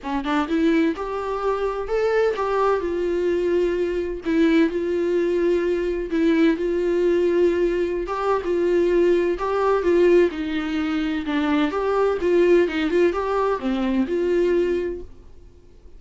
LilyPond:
\new Staff \with { instrumentName = "viola" } { \time 4/4 \tempo 4 = 128 cis'8 d'8 e'4 g'2 | a'4 g'4 f'2~ | f'4 e'4 f'2~ | f'4 e'4 f'2~ |
f'4~ f'16 g'8. f'2 | g'4 f'4 dis'2 | d'4 g'4 f'4 dis'8 f'8 | g'4 c'4 f'2 | }